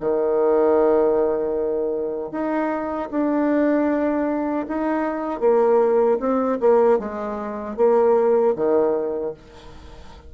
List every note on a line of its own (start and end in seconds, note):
0.00 2.32 D#3
2.32 3.10 D#4
3.11 4.66 D4
4.68 5.40 D#4
5.40 6.18 A#3
6.20 6.59 C4
6.60 6.99 A#3
6.99 7.77 G#3
7.77 8.55 A#3
8.56 9.34 D#3